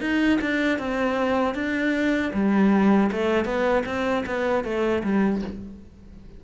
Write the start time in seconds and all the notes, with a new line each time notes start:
0.00 D#4
0.41 D4
0.78 C4
1.54 D4
2.33 G3
3.12 A3
3.45 B3
3.86 C4
4.26 B3
4.64 A3
5.03 G3